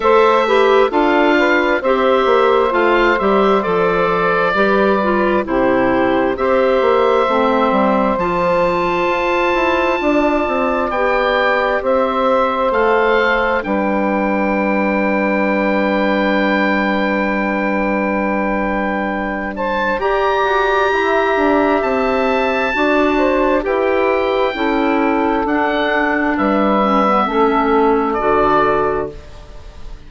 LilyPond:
<<
  \new Staff \with { instrumentName = "oboe" } { \time 4/4 \tempo 4 = 66 e''4 f''4 e''4 f''8 e''8 | d''2 c''4 e''4~ | e''4 a''2. | g''4 e''4 f''4 g''4~ |
g''1~ | g''4. a''8 ais''2 | a''2 g''2 | fis''4 e''2 d''4 | }
  \new Staff \with { instrumentName = "saxophone" } { \time 4/4 c''8 b'8 a'8 b'8 c''2~ | c''4 b'4 g'4 c''4~ | c''2. d''4~ | d''4 c''2 b'4~ |
b'1~ | b'4. c''8 d''4 e''4~ | e''4 d''8 c''8 b'4 a'4~ | a'4 b'4 a'2 | }
  \new Staff \with { instrumentName = "clarinet" } { \time 4/4 a'8 g'8 f'4 g'4 f'8 g'8 | a'4 g'8 f'8 e'4 g'4 | c'4 f'2. | g'2 a'4 d'4~ |
d'1~ | d'2 g'2~ | g'4 fis'4 g'4 e'4 | d'4. cis'16 b16 cis'4 fis'4 | }
  \new Staff \with { instrumentName = "bassoon" } { \time 4/4 a4 d'4 c'8 ais8 a8 g8 | f4 g4 c4 c'8 ais8 | a8 g8 f4 f'8 e'8 d'8 c'8 | b4 c'4 a4 g4~ |
g1~ | g2 g'8 fis'8 e'8 d'8 | c'4 d'4 e'4 cis'4 | d'4 g4 a4 d4 | }
>>